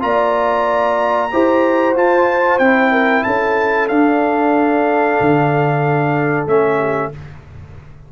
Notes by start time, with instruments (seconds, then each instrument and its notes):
0.00 tuba A#3, trombone F4, horn D5, trumpet A#5
1.32 tuba E4, trombone G4, horn C5
1.95 tuba F4, trombone F4, trumpet A5
2.59 tuba C4, trombone E4, trumpet G5
2.92 horn A#4
3.24 tuba C#4, horn A4, trumpet A5
3.89 tuba D4, trombone D4, trumpet F5
5.21 tuba D3
6.47 tuba A3, trombone C#4, trumpet E5
6.77 horn G4